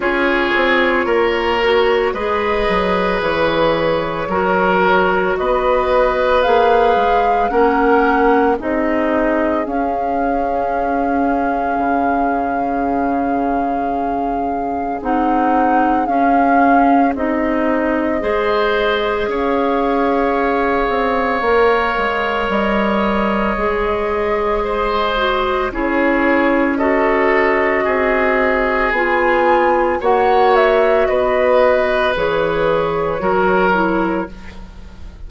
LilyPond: <<
  \new Staff \with { instrumentName = "flute" } { \time 4/4 \tempo 4 = 56 cis''2 dis''4 cis''4~ | cis''4 dis''4 f''4 fis''4 | dis''4 f''2.~ | f''2 fis''4 f''4 |
dis''2 f''2~ | f''4 dis''2. | cis''4 dis''2 gis''4 | fis''8 e''8 dis''4 cis''2 | }
  \new Staff \with { instrumentName = "oboe" } { \time 4/4 gis'4 ais'4 b'2 | ais'4 b'2 ais'4 | gis'1~ | gis'1~ |
gis'4 c''4 cis''2~ | cis''2. c''4 | gis'4 a'4 gis'2 | cis''4 b'2 ais'4 | }
  \new Staff \with { instrumentName = "clarinet" } { \time 4/4 f'4. fis'8 gis'2 | fis'2 gis'4 cis'4 | dis'4 cis'2.~ | cis'2 dis'4 cis'4 |
dis'4 gis'2. | ais'2 gis'4. fis'8 | e'4 fis'2 f'4 | fis'2 gis'4 fis'8 e'8 | }
  \new Staff \with { instrumentName = "bassoon" } { \time 4/4 cis'8 c'8 ais4 gis8 fis8 e4 | fis4 b4 ais8 gis8 ais4 | c'4 cis'2 cis4~ | cis2 c'4 cis'4 |
c'4 gis4 cis'4. c'8 | ais8 gis8 g4 gis2 | cis'2 c'4 b4 | ais4 b4 e4 fis4 | }
>>